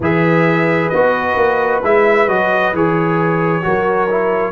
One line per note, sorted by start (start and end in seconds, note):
0.00 0.90 E3
0.00 0.93 G#4
0.00 3.64 B4
0.00 0.89 E5
0.89 1.36 B3
0.89 1.83 F#4
0.89 1.80 D#5
1.36 1.81 A#3
1.83 2.27 G#3
1.83 2.28 E4
1.83 2.28 E5
2.27 2.73 F#3
2.27 2.73 F#4
2.27 2.74 D#5
2.73 3.64 E3
2.73 3.62 G#4
2.73 4.52 C#5
3.62 4.52 F#3
3.62 4.07 F#4
3.62 4.52 A#4
4.09 4.52 E4